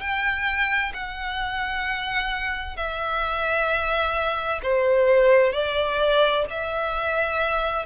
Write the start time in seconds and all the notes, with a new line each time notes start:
0.00 G5
0.93 F#5
2.76 E5
4.62 C5
5.52 D5
6.50 E5